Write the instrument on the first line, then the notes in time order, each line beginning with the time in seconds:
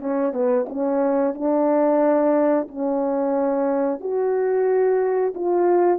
horn
0.00 C#4
0.33 B3
0.69 C#4
1.35 D4
2.68 C#4
4.00 F#4
5.35 F4